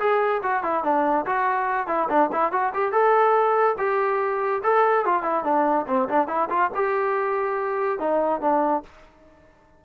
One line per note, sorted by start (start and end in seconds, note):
0.00 0.42 G#4
0.43 0.64 F#4
0.64 0.84 E4
0.84 1.26 D4
1.26 1.88 F#4
1.88 2.09 E4
2.10 2.31 D4
2.33 2.52 E4
2.52 2.73 F#4
2.74 2.93 G4
2.93 3.76 A4
3.79 4.62 G4
4.64 5.06 A4
5.06 5.23 F4
5.23 5.44 E4
5.45 5.86 D4
5.88 6.09 C4
6.09 6.28 D4
6.28 6.49 E4
6.50 6.71 F4
6.75 7.99 G4
7.99 8.41 D#4
8.41 8.83 D4